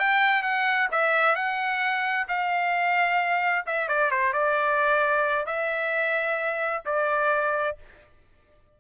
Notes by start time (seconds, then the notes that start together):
0.00 G5
0.43 F#5
0.92 E5
1.36 F#5
2.29 F5
3.67 E5
3.88 D5
4.11 C5
4.33 D5
5.47 E5
6.86 D5